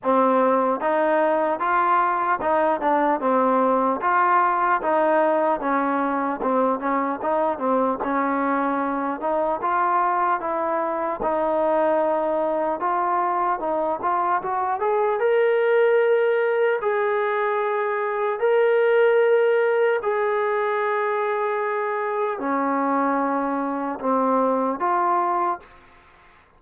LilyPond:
\new Staff \with { instrumentName = "trombone" } { \time 4/4 \tempo 4 = 75 c'4 dis'4 f'4 dis'8 d'8 | c'4 f'4 dis'4 cis'4 | c'8 cis'8 dis'8 c'8 cis'4. dis'8 | f'4 e'4 dis'2 |
f'4 dis'8 f'8 fis'8 gis'8 ais'4~ | ais'4 gis'2 ais'4~ | ais'4 gis'2. | cis'2 c'4 f'4 | }